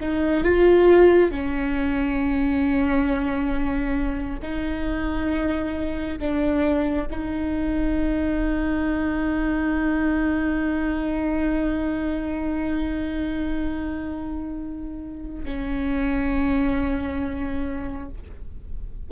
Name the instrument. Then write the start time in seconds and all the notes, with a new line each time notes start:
viola
0.00 D#4
0.44 F4
1.31 C#4
4.42 D#4
6.19 D4
7.10 D#4
15.44 C#4